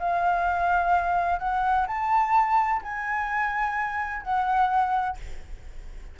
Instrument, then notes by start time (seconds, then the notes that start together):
flute
0.00 F5
1.39 F#5
1.88 A5
2.83 G#5
4.23 F#5